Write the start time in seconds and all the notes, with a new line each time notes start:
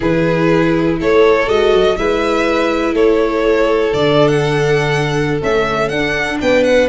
0.00 E3 E4 G#4 B4
0.99 A3 A4 C#5
1.47 G#3 F#4 D#5
1.72 F#3
1.96 G#3 E4 B4 E5
2.92 A3 A4 C#5
3.93 D3 D4 D5
4.27 F#5
5.41 A3 C#4 E5
5.88 D4 F#5
6.41 B3 B4 G5
6.63 F#5